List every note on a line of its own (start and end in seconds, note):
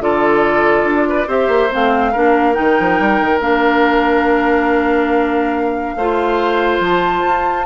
0.00 0.84 D3
0.00 1.27 F4
0.00 1.08 A4
0.00 1.29 D5
0.84 1.26 D4
1.08 1.27 B4
1.27 1.48 C4
1.27 1.69 G4
1.27 2.12 C5
1.27 1.72 E5
1.48 1.69 A#3
1.70 2.15 A3
1.70 2.13 C4
1.70 2.53 F5
2.12 2.58 A#3
2.12 2.53 D4
2.12 5.95 A#4
2.53 2.79 D#3
2.53 3.38 D#4
2.53 3.39 G5
2.79 2.99 F3
2.99 3.20 G3
3.20 3.40 D#3
3.40 5.95 A#3
3.40 5.97 D4
3.40 6.81 F5
5.95 6.79 A3
5.95 7.66 F4
5.95 7.66 C5
6.79 7.22 F3
6.79 7.66 A5
7.25 7.66 F4